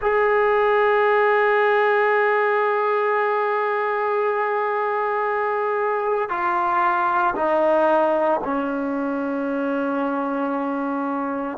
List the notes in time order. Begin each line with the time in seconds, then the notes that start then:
0.01 G#4
6.29 F4
7.34 D#4
8.44 C#4